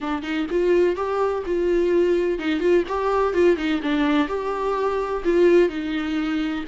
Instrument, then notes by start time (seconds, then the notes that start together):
viola
0.00 D4
0.22 D#4
0.50 F4
0.95 G4
1.45 F4
2.39 D#4
2.60 F4
2.88 G4
3.33 F4
3.56 D#4
3.82 D4
4.28 G4
5.24 F4
5.69 D#4